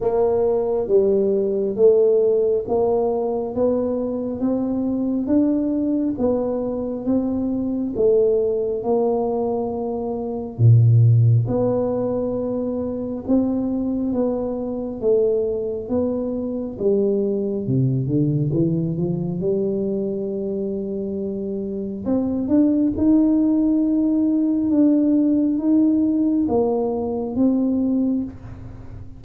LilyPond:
\new Staff \with { instrumentName = "tuba" } { \time 4/4 \tempo 4 = 68 ais4 g4 a4 ais4 | b4 c'4 d'4 b4 | c'4 a4 ais2 | ais,4 b2 c'4 |
b4 a4 b4 g4 | c8 d8 e8 f8 g2~ | g4 c'8 d'8 dis'2 | d'4 dis'4 ais4 c'4 | }